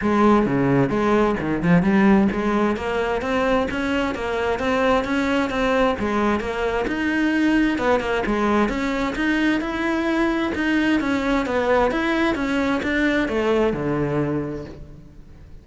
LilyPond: \new Staff \with { instrumentName = "cello" } { \time 4/4 \tempo 4 = 131 gis4 cis4 gis4 dis8 f8 | g4 gis4 ais4 c'4 | cis'4 ais4 c'4 cis'4 | c'4 gis4 ais4 dis'4~ |
dis'4 b8 ais8 gis4 cis'4 | dis'4 e'2 dis'4 | cis'4 b4 e'4 cis'4 | d'4 a4 d2 | }